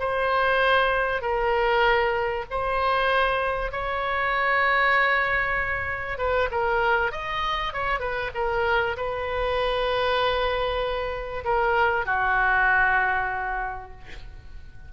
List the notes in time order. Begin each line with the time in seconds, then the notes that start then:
0.00 C5
1.22 A#4
2.51 C5
3.72 C#5
6.18 B4
6.51 A#4
7.12 D#5
7.73 C#5
8.00 B4
8.35 A#4
8.97 B4
11.45 A#4
12.06 F#4